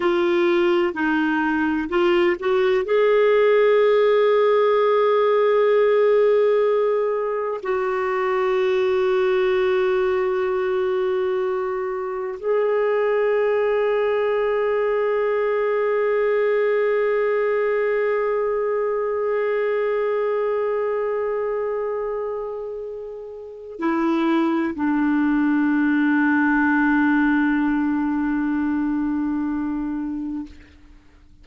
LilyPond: \new Staff \with { instrumentName = "clarinet" } { \time 4/4 \tempo 4 = 63 f'4 dis'4 f'8 fis'8 gis'4~ | gis'1 | fis'1~ | fis'4 gis'2.~ |
gis'1~ | gis'1~ | gis'4 e'4 d'2~ | d'1 | }